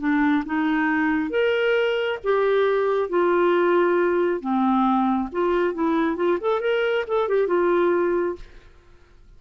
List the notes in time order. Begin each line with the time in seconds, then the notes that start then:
0.00 D4
0.46 D#4
1.31 A#4
2.24 G4
3.10 F4
4.41 C4
5.32 F4
5.74 E4
6.16 F4
6.41 A4
6.61 A#4
7.08 A4
7.29 G4
7.48 F4